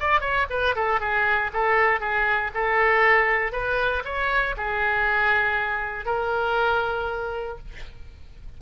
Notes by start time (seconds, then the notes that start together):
0.00 D5
0.21 C#5
0.50 B4
0.76 A4
1.01 G#4
1.53 A4
2.01 G#4
2.54 A4
3.52 B4
4.05 C#5
4.57 G#4
6.06 A#4